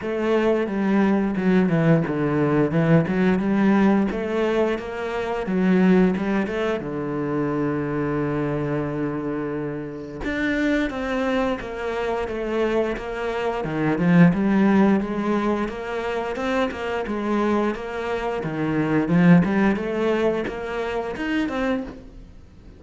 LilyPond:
\new Staff \with { instrumentName = "cello" } { \time 4/4 \tempo 4 = 88 a4 g4 fis8 e8 d4 | e8 fis8 g4 a4 ais4 | fis4 g8 a8 d2~ | d2. d'4 |
c'4 ais4 a4 ais4 | dis8 f8 g4 gis4 ais4 | c'8 ais8 gis4 ais4 dis4 | f8 g8 a4 ais4 dis'8 c'8 | }